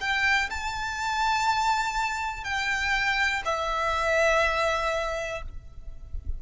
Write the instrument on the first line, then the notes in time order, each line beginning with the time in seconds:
violin
0.00 G5
0.50 A5
2.44 G5
3.45 E5